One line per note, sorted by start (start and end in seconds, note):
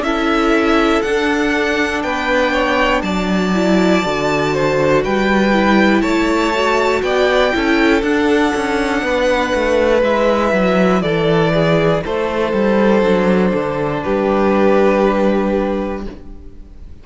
0.00 1.00 C#4
0.00 1.04 E4
0.00 2.03 A4
0.00 1.02 E5
1.02 2.03 D4
1.02 3.53 D4
1.02 2.02 F#5
2.02 3.02 B3
2.02 2.52 B4
2.02 3.02 G5
2.52 3.02 C#5
3.02 4.02 F#3
3.02 4.53 D5
3.02 5.02 A5
3.53 4.03 E4
4.04 5.05 D3
4.04 5.53 F#4
4.53 5.03 C5
5.04 6.02 G3
5.04 6.02 B4
5.04 6.02 G5
5.53 6.53 E4
6.02 7.02 A3
6.02 7.02 C#5
6.02 7.02 A5
6.54 7.52 F#4
7.02 7.52 B3
7.02 7.54 D5
7.02 8.02 G5
7.52 8.02 C#4
7.52 8.02 E4
7.52 9.03 A4
8.02 8.52 D4
8.02 10.02 D4
8.02 10.02 F#5
8.56 9.02 C#4
9.02 9.52 B3
9.02 11.03 B4
9.54 10.03 A3
10.02 10.52 G#3
10.02 13.01 E4
10.02 11.01 E5
10.52 11.02 F#3
11.01 12.02 E3
11.01 11.53 A4
11.01 12.01 D5
11.53 12.03 G#4
12.04 12.53 A3
12.04 14.04 A4
12.04 14.03 C5
12.53 13.02 G3
13.01 13.52 F#3
13.01 16.01 D4
13.54 14.04 D3
14.03 16.06 G3
14.03 16.04 G4
14.03 16.03 B4